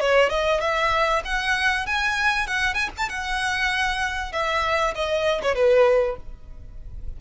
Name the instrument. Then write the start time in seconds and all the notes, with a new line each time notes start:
violin
0.00 C#5
0.29 D#5
0.60 E5
1.24 F#5
1.86 G#5
2.47 F#5
2.74 G#5
2.97 A5
3.09 F#5
4.32 E5
4.95 D#5
5.42 C#5
5.55 B4